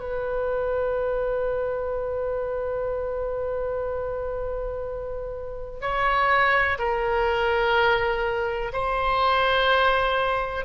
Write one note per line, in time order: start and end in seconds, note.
0.00 5.81 B4
5.82 6.78 C#5
6.79 8.72 A#4
8.73 10.65 C5